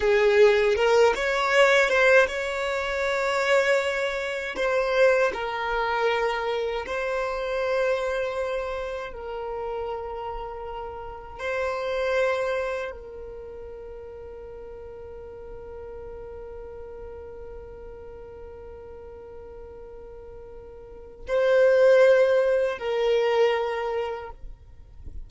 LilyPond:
\new Staff \with { instrumentName = "violin" } { \time 4/4 \tempo 4 = 79 gis'4 ais'8 cis''4 c''8 cis''4~ | cis''2 c''4 ais'4~ | ais'4 c''2. | ais'2. c''4~ |
c''4 ais'2.~ | ais'1~ | ais'1 | c''2 ais'2 | }